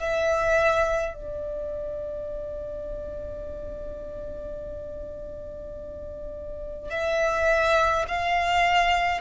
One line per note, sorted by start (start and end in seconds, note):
0.00 1.14 E5
1.14 6.90 D5
6.90 8.06 E5
8.08 9.21 F5